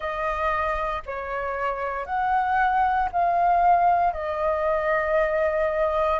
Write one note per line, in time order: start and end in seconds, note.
0.00 1.02 D#5
1.06 2.05 C#5
2.05 3.08 F#5
3.12 4.13 F5
4.13 6.20 D#5